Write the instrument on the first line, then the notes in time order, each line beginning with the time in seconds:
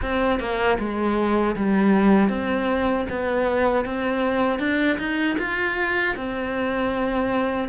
cello
0.01 C4
0.39 A#3
0.78 G#3
1.56 G3
2.29 C4
3.09 B3
3.85 C4
4.59 D4
4.98 D#4
5.38 F4
6.16 C4